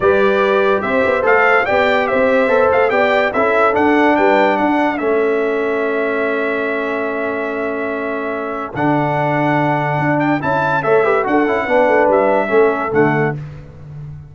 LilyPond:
<<
  \new Staff \with { instrumentName = "trumpet" } { \time 4/4 \tempo 4 = 144 d''2 e''4 f''4 | g''4 e''4. f''8 g''4 | e''4 fis''4 g''4 fis''4 | e''1~ |
e''1~ | e''4 fis''2.~ | fis''8 g''8 a''4 e''4 fis''4~ | fis''4 e''2 fis''4 | }
  \new Staff \with { instrumentName = "horn" } { \time 4/4 b'2 c''2 | d''4 c''2 d''4 | a'2 b'4 a'4~ | a'1~ |
a'1~ | a'1~ | a'2 cis''8 b'8 a'4 | b'2 a'2 | }
  \new Staff \with { instrumentName = "trombone" } { \time 4/4 g'2. a'4 | g'2 a'4 g'4 | e'4 d'2. | cis'1~ |
cis'1~ | cis'4 d'2.~ | d'4 e'4 a'8 g'8 fis'8 e'8 | d'2 cis'4 a4 | }
  \new Staff \with { instrumentName = "tuba" } { \time 4/4 g2 c'8 b8 a4 | b4 c'4 b8 a8 b4 | cis'4 d'4 g4 d'4 | a1~ |
a1~ | a4 d2. | d'4 cis'4 a4 d'8 cis'8 | b8 a8 g4 a4 d4 | }
>>